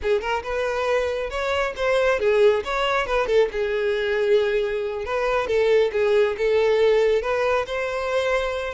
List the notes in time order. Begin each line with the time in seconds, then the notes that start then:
0.02 G#4
0.21 A#4
0.43 B4
1.29 C#5
1.76 C5
2.19 G#4
2.64 C#5
3.06 B4
3.26 A4
3.52 G#4
5.05 B4
5.47 A4
5.92 G#4
6.37 A4
7.22 B4
7.66 C5